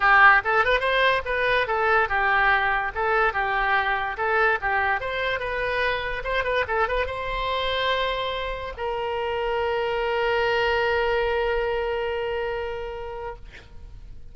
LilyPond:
\new Staff \with { instrumentName = "oboe" } { \time 4/4 \tempo 4 = 144 g'4 a'8 b'8 c''4 b'4 | a'4 g'2 a'4 | g'2 a'4 g'4 | c''4 b'2 c''8 b'8 |
a'8 b'8 c''2.~ | c''4 ais'2.~ | ais'1~ | ais'1 | }